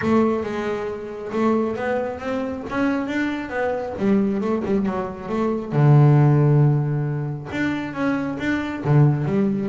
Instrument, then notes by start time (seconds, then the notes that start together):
double bass
0.01 A3
0.43 G#3
1.32 A3
1.76 B3
2.19 C4
2.70 C#4
3.07 D4
3.49 B3
3.98 G3
4.41 A3
4.64 G3
4.86 F#3
5.29 A3
5.72 D3
7.51 D4
7.93 C#4
8.39 D4
8.84 D3
9.25 G3